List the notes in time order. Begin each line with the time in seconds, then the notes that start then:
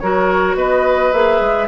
0.00 F#3 F#4 A#4 C#5
0.56 B3 B4 D#5
1.13 A#3 G#4 E5
1.41 G#3